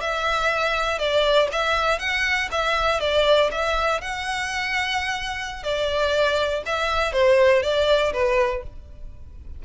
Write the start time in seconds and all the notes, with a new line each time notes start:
0.00 E5
0.98 D5
1.51 E5
1.98 F#5
2.51 E5
3.00 D5
3.51 E5
4.00 F#5
5.63 D5
6.65 E5
7.12 C5
7.62 D5
8.13 B4